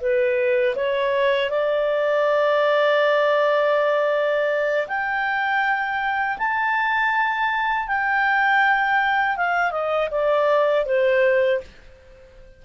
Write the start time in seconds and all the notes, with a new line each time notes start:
0.00 B4
0.75 C#5
1.50 D5
4.88 G5
6.38 A5
7.88 G5
9.36 F5
9.71 D#5
10.10 D5
10.85 C5